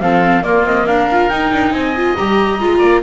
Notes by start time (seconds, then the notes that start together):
0.00 F3 C4 A4 F5
0.42 A#3 F4 D5
0.64 C4 D#5
0.86 D4 A#4 F5
1.12 F4
1.29 D#4 G5
1.52 D4
1.72 C4 D#5 G#5
1.96 F4
2.16 G3 G4 A#5
2.59 G#3 F4
2.79 A#3 D5